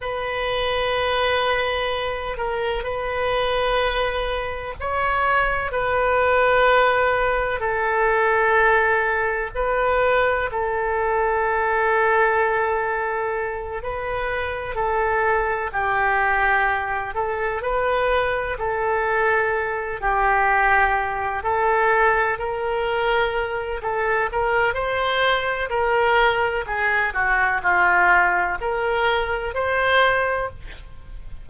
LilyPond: \new Staff \with { instrumentName = "oboe" } { \time 4/4 \tempo 4 = 63 b'2~ b'8 ais'8 b'4~ | b'4 cis''4 b'2 | a'2 b'4 a'4~ | a'2~ a'8 b'4 a'8~ |
a'8 g'4. a'8 b'4 a'8~ | a'4 g'4. a'4 ais'8~ | ais'4 a'8 ais'8 c''4 ais'4 | gis'8 fis'8 f'4 ais'4 c''4 | }